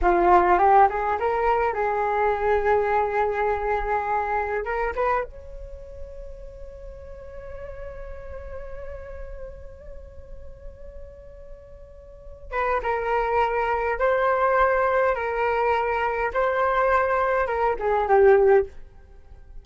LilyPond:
\new Staff \with { instrumentName = "flute" } { \time 4/4 \tempo 4 = 103 f'4 g'8 gis'8 ais'4 gis'4~ | gis'1 | ais'8 b'8 cis''2.~ | cis''1~ |
cis''1~ | cis''4. b'8 ais'2 | c''2 ais'2 | c''2 ais'8 gis'8 g'4 | }